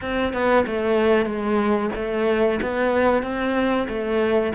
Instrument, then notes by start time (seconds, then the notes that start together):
cello
0.01 C4
0.33 B3
0.66 A3
1.25 G#3
1.95 A3
2.61 B3
3.22 C4
3.88 A3